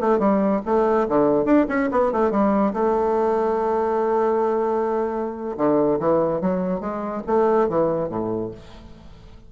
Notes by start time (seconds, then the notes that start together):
0.00 A3
0.19 G3
0.65 A3
1.08 D3
1.45 D4
1.68 C#4
1.91 B3
2.12 A3
2.31 G3
2.73 A3
5.57 D3
5.99 E3
6.41 F#3
6.80 G#3
7.26 A3
7.68 E3
8.09 A2